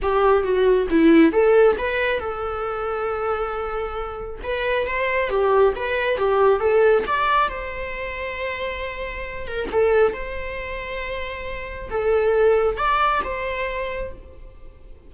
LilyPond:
\new Staff \with { instrumentName = "viola" } { \time 4/4 \tempo 4 = 136 g'4 fis'4 e'4 a'4 | b'4 a'2.~ | a'2 b'4 c''4 | g'4 b'4 g'4 a'4 |
d''4 c''2.~ | c''4. ais'8 a'4 c''4~ | c''2. a'4~ | a'4 d''4 c''2 | }